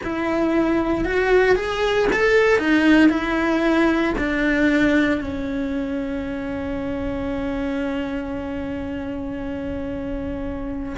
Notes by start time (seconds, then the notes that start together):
0.03 E4
1.04 F#4
1.55 G#4
2.12 A4
2.58 D#4
3.09 E4
4.18 D4
5.21 C#4